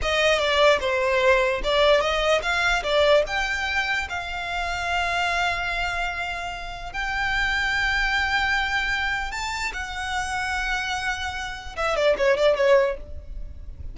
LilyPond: \new Staff \with { instrumentName = "violin" } { \time 4/4 \tempo 4 = 148 dis''4 d''4 c''2 | d''4 dis''4 f''4 d''4 | g''2 f''2~ | f''1~ |
f''4 g''2.~ | g''2. a''4 | fis''1~ | fis''4 e''8 d''8 cis''8 d''8 cis''4 | }